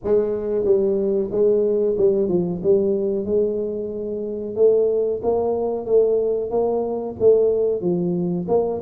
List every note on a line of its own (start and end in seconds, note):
0.04 0.65 G#3
0.65 1.30 G3
1.31 1.96 G#3
1.97 2.28 G3
2.28 2.61 F3
2.63 3.25 G3
3.25 4.55 G#3
4.55 5.21 A3
5.22 5.85 A#3
5.85 6.50 A3
6.50 7.15 A#3
7.19 7.81 A3
7.81 8.46 F3
8.48 8.80 A#3